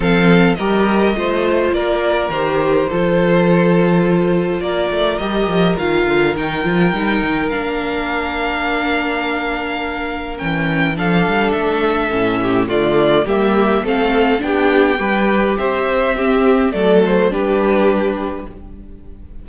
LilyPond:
<<
  \new Staff \with { instrumentName = "violin" } { \time 4/4 \tempo 4 = 104 f''4 dis''2 d''4 | c''1 | d''4 dis''4 f''4 g''4~ | g''4 f''2.~ |
f''2 g''4 f''4 | e''2 d''4 e''4 | f''4 g''2 e''4~ | e''4 d''8 c''8 b'2 | }
  \new Staff \with { instrumentName = "violin" } { \time 4/4 a'4 ais'4 c''4 ais'4~ | ais'4 a'2. | ais'1~ | ais'1~ |
ais'2. a'4~ | a'4. g'8 f'4 g'4 | a'4 g'4 b'4 c''4 | g'4 a'4 g'2 | }
  \new Staff \with { instrumentName = "viola" } { \time 4/4 c'4 g'4 f'2 | g'4 f'2.~ | f'4 g'4 f'4 dis'8 f'8 | dis'4 d'2.~ |
d'2 cis'4 d'4~ | d'4 cis'4 a4 ais4 | c'4 d'4 g'2 | c'4 a4 d'2 | }
  \new Staff \with { instrumentName = "cello" } { \time 4/4 f4 g4 a4 ais4 | dis4 f2. | ais8 a8 g8 f8 dis8 d8 dis8 f8 | g8 dis8 ais2.~ |
ais2 e4 f8 g8 | a4 a,4 d4 g4 | a4 b4 g4 c'4~ | c'4 fis4 g2 | }
>>